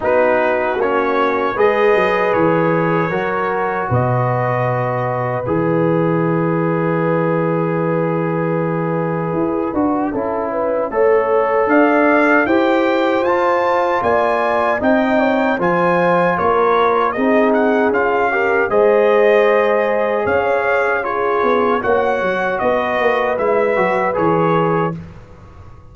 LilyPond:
<<
  \new Staff \with { instrumentName = "trumpet" } { \time 4/4 \tempo 4 = 77 b'4 cis''4 dis''4 cis''4~ | cis''4 dis''2 e''4~ | e''1~ | e''2. f''4 |
g''4 a''4 gis''4 g''4 | gis''4 cis''4 dis''8 fis''8 f''4 | dis''2 f''4 cis''4 | fis''4 dis''4 e''4 cis''4 | }
  \new Staff \with { instrumentName = "horn" } { \time 4/4 fis'2 b'2 | ais'4 b'2.~ | b'1~ | b'4 a'8 b'8 cis''4 d''4 |
c''2 d''4 dis''8 cis''8 | c''4 ais'4 gis'4. ais'8 | c''2 cis''4 gis'4 | cis''4 b'2. | }
  \new Staff \with { instrumentName = "trombone" } { \time 4/4 dis'4 cis'4 gis'2 | fis'2. gis'4~ | gis'1~ | gis'8 fis'8 e'4 a'2 |
g'4 f'2 dis'4 | f'2 dis'4 f'8 g'8 | gis'2. f'4 | fis'2 e'8 fis'8 gis'4 | }
  \new Staff \with { instrumentName = "tuba" } { \time 4/4 b4 ais4 gis8 fis8 e4 | fis4 b,2 e4~ | e1 | e'8 d'8 cis'4 a4 d'4 |
e'4 f'4 ais4 c'4 | f4 ais4 c'4 cis'4 | gis2 cis'4. b8 | ais8 fis8 b8 ais8 gis8 fis8 e4 | }
>>